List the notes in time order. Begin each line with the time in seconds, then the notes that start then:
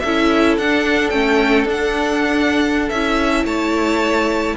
0.00 C#4 A4 E5
0.06 E4
0.58 D4 F#5
1.10 A3 C#4 G5
1.65 D4 F#5
2.90 C#4 E4 E5
3.44 A3 C#5 A5